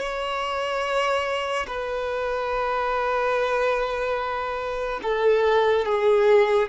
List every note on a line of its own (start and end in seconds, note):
0.00 1.67 C#5
1.67 5.01 B4
5.03 5.86 A4
5.86 6.69 G#4